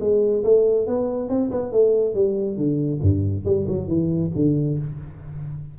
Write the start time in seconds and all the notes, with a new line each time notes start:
0.00 G#3
0.44 A3
0.87 B3
1.29 C4
1.51 B3
1.71 A3
2.15 G3
2.57 D3
3.02 G2
3.45 G3
3.68 F#3
3.88 E3
4.35 D3